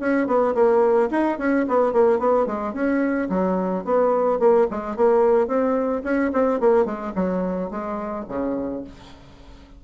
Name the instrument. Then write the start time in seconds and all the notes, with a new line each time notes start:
bassoon
0.00 C#4
0.27 B3
0.55 A#3
1.11 D#4
1.38 C#4
1.68 B3
1.93 A#3
2.19 B3
2.46 G#3
2.74 C#4
3.30 F#3
3.85 B3
4.40 A#3
4.71 G#3
4.96 A#3
5.48 C4
6.04 C#4
6.33 C4
6.60 A#3
6.85 G#3
7.16 F#3
7.71 G#3
8.29 C#3